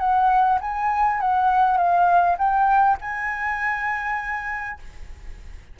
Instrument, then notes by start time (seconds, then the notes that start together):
flute
0.00 F#5
0.62 G#5
1.21 F#5
1.78 F5
2.38 G5
3.02 G#5